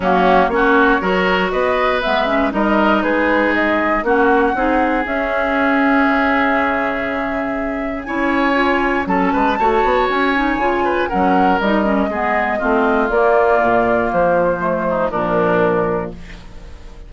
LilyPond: <<
  \new Staff \with { instrumentName = "flute" } { \time 4/4 \tempo 4 = 119 fis'4 cis''2 dis''4 | e''4 dis''4 b'4 dis''4 | fis''2 e''2~ | e''1 |
gis''2 a''2 | gis''2 fis''4 dis''4~ | dis''2 d''2 | c''2 ais'2 | }
  \new Staff \with { instrumentName = "oboe" } { \time 4/4 cis'4 fis'4 ais'4 b'4~ | b'4 ais'4 gis'2 | fis'4 gis'2.~ | gis'1 |
cis''2 a'8 b'8 cis''4~ | cis''4. b'8 ais'2 | gis'4 f'2.~ | f'4. dis'8 d'2 | }
  \new Staff \with { instrumentName = "clarinet" } { \time 4/4 ais4 cis'4 fis'2 | b8 cis'8 dis'2. | cis'4 dis'4 cis'2~ | cis'1 |
e'4 f'4 cis'4 fis'4~ | fis'8 dis'8 f'4 cis'4 dis'8 cis'8 | b4 c'4 ais2~ | ais4 a4 f2 | }
  \new Staff \with { instrumentName = "bassoon" } { \time 4/4 fis4 ais4 fis4 b4 | gis4 g4 gis2 | ais4 c'4 cis'2 | cis1 |
cis'2 fis8 gis8 a8 b8 | cis'4 cis4 fis4 g4 | gis4 a4 ais4 ais,4 | f2 ais,2 | }
>>